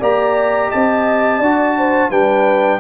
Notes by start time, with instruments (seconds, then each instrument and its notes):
0.00 tuba A#3, trombone G4, horn D5, trumpet A#5
0.69 tuba C4, horn D#5, trumpet A5
1.39 tuba D4, trombone F#4, horn D5
1.77 horn C5
2.10 tuba G3, trombone D4, horn B4, trumpet G5